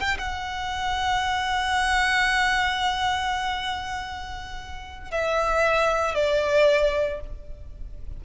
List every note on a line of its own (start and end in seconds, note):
0.00 0.18 G5
0.19 5.11 F#5
5.11 6.15 E5
6.15 7.21 D5